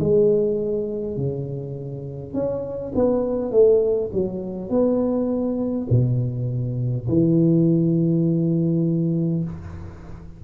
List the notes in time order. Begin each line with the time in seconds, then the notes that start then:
0.00 G#3
1.17 C#3
2.34 C#4
2.95 B3
3.51 A3
4.13 F#3
4.70 B3
5.90 B2
7.09 E3